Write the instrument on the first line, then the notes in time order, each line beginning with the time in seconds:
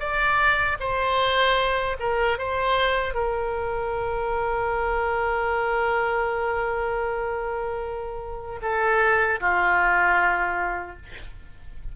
oboe
0.00 D5
0.80 C5
2.00 A#4
2.38 C5
3.15 A#4
8.62 A4
9.41 F4